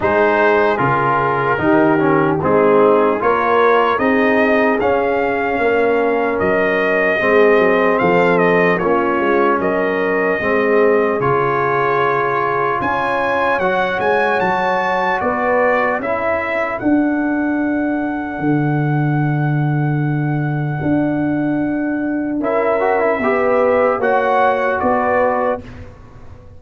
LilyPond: <<
  \new Staff \with { instrumentName = "trumpet" } { \time 4/4 \tempo 4 = 75 c''4 ais'2 gis'4 | cis''4 dis''4 f''2 | dis''2 f''8 dis''8 cis''4 | dis''2 cis''2 |
gis''4 fis''8 gis''8 a''4 d''4 | e''4 fis''2.~ | fis''1 | e''2 fis''4 d''4 | }
  \new Staff \with { instrumentName = "horn" } { \time 4/4 gis'2 g'4 dis'4 | ais'4 gis'2 ais'4~ | ais'4 gis'4 a'4 f'4 | ais'4 gis'2. |
cis''2. b'4 | a'1~ | a'1 | ais'4 b'4 cis''4 b'4 | }
  \new Staff \with { instrumentName = "trombone" } { \time 4/4 dis'4 f'4 dis'8 cis'8 c'4 | f'4 dis'4 cis'2~ | cis'4 c'2 cis'4~ | cis'4 c'4 f'2~ |
f'4 fis'2. | e'4 d'2.~ | d'1 | e'8 fis'16 e'16 g'4 fis'2 | }
  \new Staff \with { instrumentName = "tuba" } { \time 4/4 gis4 cis4 dis4 gis4 | ais4 c'4 cis'4 ais4 | fis4 gis8 fis8 f4 ais8 gis8 | fis4 gis4 cis2 |
cis'4 fis8 gis8 fis4 b4 | cis'4 d'2 d4~ | d2 d'2 | cis'4 b4 ais4 b4 | }
>>